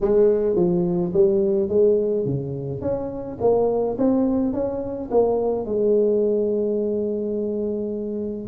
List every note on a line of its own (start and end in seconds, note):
0.01 0.55 G#3
0.55 1.12 F3
1.13 1.69 G3
1.69 2.25 G#3
2.25 2.81 C#3
2.81 3.38 C#4
3.40 3.97 A#3
3.98 4.53 C4
4.53 5.09 C#4
5.10 5.65 A#3
5.65 8.48 G#3